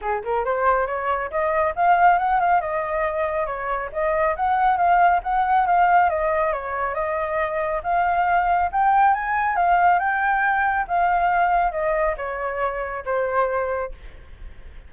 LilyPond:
\new Staff \with { instrumentName = "flute" } { \time 4/4 \tempo 4 = 138 gis'8 ais'8 c''4 cis''4 dis''4 | f''4 fis''8 f''8 dis''2 | cis''4 dis''4 fis''4 f''4 | fis''4 f''4 dis''4 cis''4 |
dis''2 f''2 | g''4 gis''4 f''4 g''4~ | g''4 f''2 dis''4 | cis''2 c''2 | }